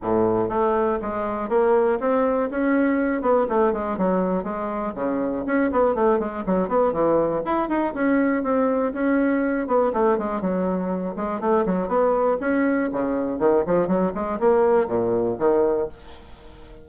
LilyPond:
\new Staff \with { instrumentName = "bassoon" } { \time 4/4 \tempo 4 = 121 a,4 a4 gis4 ais4 | c'4 cis'4. b8 a8 gis8 | fis4 gis4 cis4 cis'8 b8 | a8 gis8 fis8 b8 e4 e'8 dis'8 |
cis'4 c'4 cis'4. b8 | a8 gis8 fis4. gis8 a8 fis8 | b4 cis'4 cis4 dis8 f8 | fis8 gis8 ais4 ais,4 dis4 | }